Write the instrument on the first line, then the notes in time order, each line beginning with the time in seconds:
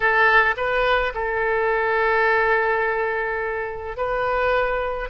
oboe
0.00 A4
0.56 B4
1.14 A4
3.96 B4